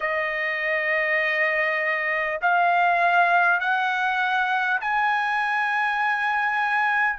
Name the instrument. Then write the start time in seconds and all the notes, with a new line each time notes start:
trumpet
0.00 D#5
2.41 F5
3.60 F#5
4.80 G#5